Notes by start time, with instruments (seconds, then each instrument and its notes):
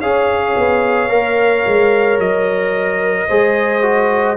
0.00 tuba C#4, trombone G#4, horn C#5, trumpet F5
0.56 tuba B3
1.09 tuba A#3, trombone A#4
1.66 tuba G#3
2.18 tuba F#3, trumpet D#5
3.28 tuba G#3, trombone G#4, horn C5
3.82 trombone F#4